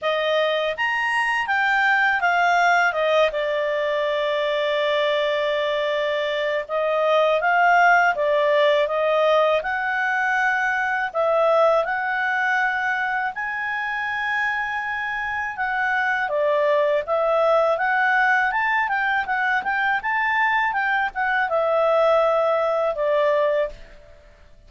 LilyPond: \new Staff \with { instrumentName = "clarinet" } { \time 4/4 \tempo 4 = 81 dis''4 ais''4 g''4 f''4 | dis''8 d''2.~ d''8~ | d''4 dis''4 f''4 d''4 | dis''4 fis''2 e''4 |
fis''2 gis''2~ | gis''4 fis''4 d''4 e''4 | fis''4 a''8 g''8 fis''8 g''8 a''4 | g''8 fis''8 e''2 d''4 | }